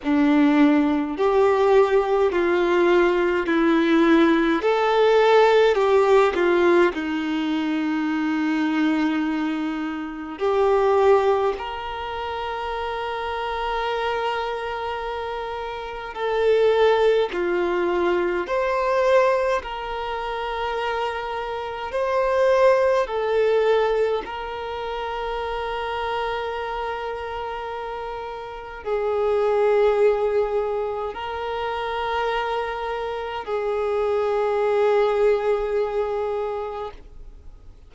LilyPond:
\new Staff \with { instrumentName = "violin" } { \time 4/4 \tempo 4 = 52 d'4 g'4 f'4 e'4 | a'4 g'8 f'8 dis'2~ | dis'4 g'4 ais'2~ | ais'2 a'4 f'4 |
c''4 ais'2 c''4 | a'4 ais'2.~ | ais'4 gis'2 ais'4~ | ais'4 gis'2. | }